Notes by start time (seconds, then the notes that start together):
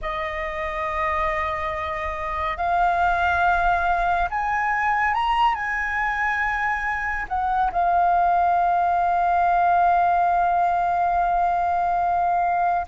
0.01 D#5
2.57 F5
4.30 G#5
5.14 A#5
5.54 G#5
7.28 F#5
7.71 F5